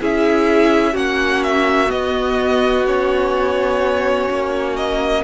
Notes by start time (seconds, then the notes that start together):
0.00 C#4 E4 G#4 E5
0.92 A#3 C#4 F#4 F#5
1.43 E5
1.86 B3 D#5
2.86 C#4 C#5
4.30 A#3
4.76 D#5